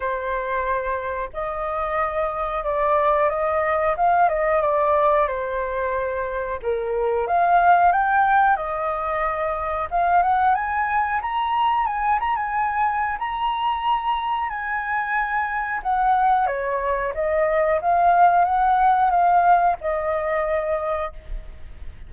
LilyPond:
\new Staff \with { instrumentName = "flute" } { \time 4/4 \tempo 4 = 91 c''2 dis''2 | d''4 dis''4 f''8 dis''8 d''4 | c''2 ais'4 f''4 | g''4 dis''2 f''8 fis''8 |
gis''4 ais''4 gis''8 ais''16 gis''4~ gis''16 | ais''2 gis''2 | fis''4 cis''4 dis''4 f''4 | fis''4 f''4 dis''2 | }